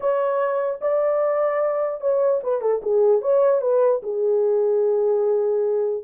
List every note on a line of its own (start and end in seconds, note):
0.00 0.80 C#5
0.81 2.00 D5
2.00 2.41 C#5
2.43 2.61 B4
2.61 2.81 A4
2.82 3.21 G#4
3.21 3.61 C#5
3.61 4.01 B4
4.02 6.03 G#4